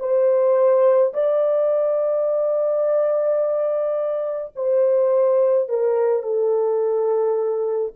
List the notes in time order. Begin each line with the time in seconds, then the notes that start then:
0.00 C5
1.14 D5
4.56 C5
5.69 A#4
6.23 A4